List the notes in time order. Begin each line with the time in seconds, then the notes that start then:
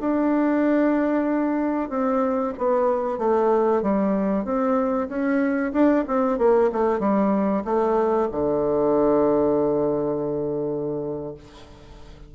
0.00 D4
1.89 C4
2.58 B3
3.18 A3
3.82 G3
4.44 C4
5.08 C#4
5.72 D4
6.07 C4
6.38 A#3
6.72 A3
7.00 G3
7.65 A3
8.31 D3